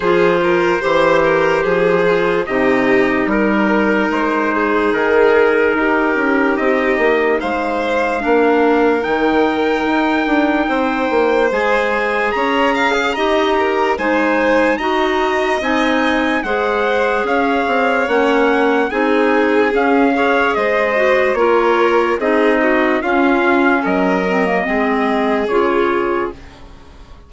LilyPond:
<<
  \new Staff \with { instrumentName = "trumpet" } { \time 4/4 \tempo 4 = 73 c''2. dis''4 | ais'4 c''4 ais'2 | dis''4 f''2 g''4~ | g''2 gis''4 ais''8. gis'16 |
ais''4 gis''4 ais''4 gis''4 | fis''4 f''4 fis''4 gis''4 | f''4 dis''4 cis''4 dis''4 | f''4 dis''2 cis''4 | }
  \new Staff \with { instrumentName = "violin" } { \time 4/4 gis'8 ais'8 c''8 ais'8 gis'4 g'4 | ais'4. gis'4. g'4~ | g'4 c''4 ais'2~ | ais'4 c''2 cis''8 f''8 |
dis''8 ais'8 c''4 dis''2 | c''4 cis''2 gis'4~ | gis'8 cis''8 c''4 ais'4 gis'8 fis'8 | f'4 ais'4 gis'2 | }
  \new Staff \with { instrumentName = "clarinet" } { \time 4/4 f'4 g'4. f'8 dis'4~ | dis'1~ | dis'2 d'4 dis'4~ | dis'2 gis'2 |
g'4 dis'4 fis'4 dis'4 | gis'2 cis'4 dis'4 | cis'8 gis'4 fis'8 f'4 dis'4 | cis'4. c'16 ais16 c'4 f'4 | }
  \new Staff \with { instrumentName = "bassoon" } { \time 4/4 f4 e4 f4 c4 | g4 gis4 dis4 dis'8 cis'8 | c'8 ais8 gis4 ais4 dis4 | dis'8 d'8 c'8 ais8 gis4 cis'4 |
dis'4 gis4 dis'4 c'4 | gis4 cis'8 c'8 ais4 c'4 | cis'4 gis4 ais4 c'4 | cis'4 fis4 gis4 cis4 | }
>>